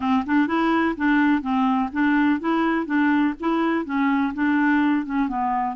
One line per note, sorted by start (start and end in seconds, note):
0.00 0.24 C4
0.26 0.47 D4
0.47 0.95 E4
0.96 1.41 D4
1.41 1.89 C4
1.92 2.40 D4
2.40 2.86 E4
2.86 3.34 D4
3.40 3.85 E4
3.85 4.33 C#4
4.34 5.05 D4
5.05 5.28 C#4
5.28 5.75 B3